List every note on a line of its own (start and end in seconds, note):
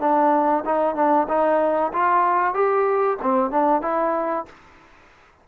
0.00 0.64 D4
0.65 0.95 D#4
0.95 1.27 D4
1.28 1.92 D#4
1.93 2.54 F4
2.54 3.18 G4
3.22 3.50 C4
3.50 3.82 D4
3.82 4.45 E4